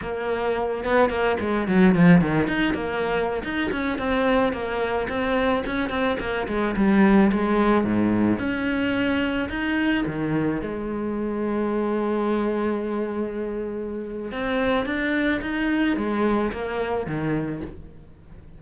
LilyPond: \new Staff \with { instrumentName = "cello" } { \time 4/4 \tempo 4 = 109 ais4. b8 ais8 gis8 fis8 f8 | dis8 dis'8 ais4~ ais16 dis'8 cis'8 c'8.~ | c'16 ais4 c'4 cis'8 c'8 ais8 gis16~ | gis16 g4 gis4 gis,4 cis'8.~ |
cis'4~ cis'16 dis'4 dis4 gis8.~ | gis1~ | gis2 c'4 d'4 | dis'4 gis4 ais4 dis4 | }